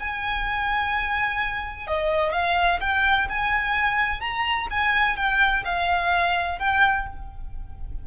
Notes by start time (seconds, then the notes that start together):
0.00 G#5
1.88 D#5
2.33 F5
2.81 G5
3.30 G#5
4.21 A#5
4.71 G#5
5.17 G5
5.65 F5
6.59 G5